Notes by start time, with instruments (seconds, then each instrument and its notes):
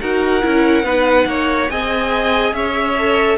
0.00 cello D#4, viola F#4, violin A#4 F#5
0.41 cello C#4, viola E4
0.83 cello B3, viola D#4, violin B4
1.26 cello A#3, violin C#5
1.68 cello C4, viola G#4, violin D#5 G#5
2.52 cello C#4, violin C#5 E5
2.98 viola A4